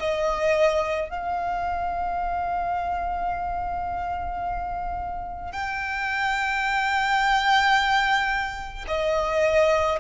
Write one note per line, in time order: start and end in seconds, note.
0.00 1.10 D#5
1.10 5.52 F5
5.52 8.85 G5
8.88 9.99 D#5